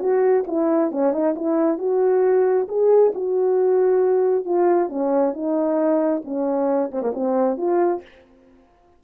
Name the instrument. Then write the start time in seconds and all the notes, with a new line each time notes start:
horn
0.00 F#4
0.47 E4
0.92 C#4
1.13 D#4
1.36 E4
1.79 F#4
2.68 G#4
3.15 F#4
4.45 F4
4.89 C#4
5.34 D#4
6.25 C#4
6.92 C4
7.02 A#3
7.14 C4
7.58 F4